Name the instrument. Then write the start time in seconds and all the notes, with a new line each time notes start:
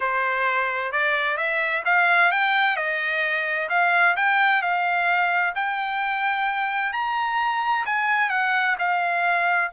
trumpet
0.00 C5
0.92 D5
1.37 E5
1.85 F5
2.31 G5
2.76 D#5
3.69 F5
4.16 G5
4.62 F5
5.55 G5
6.92 A#5
7.85 G#5
8.29 F#5
8.78 F5